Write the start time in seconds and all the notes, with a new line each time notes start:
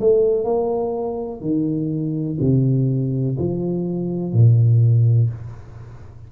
0.00 A3
0.44 A#3
1.41 D#3
2.40 C3
3.38 F3
4.33 A#2